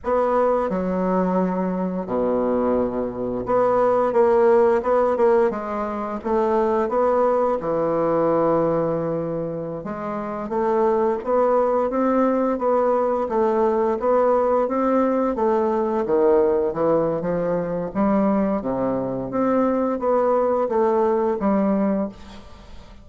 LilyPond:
\new Staff \with { instrumentName = "bassoon" } { \time 4/4 \tempo 4 = 87 b4 fis2 b,4~ | b,4 b4 ais4 b8 ais8 | gis4 a4 b4 e4~ | e2~ e16 gis4 a8.~ |
a16 b4 c'4 b4 a8.~ | a16 b4 c'4 a4 dis8.~ | dis16 e8. f4 g4 c4 | c'4 b4 a4 g4 | }